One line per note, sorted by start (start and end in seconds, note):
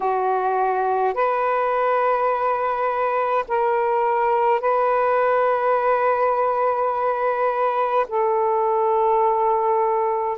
0.00 1.13 F#4
1.13 3.44 B4
3.48 4.60 A#4
4.60 8.06 B4
8.08 10.38 A4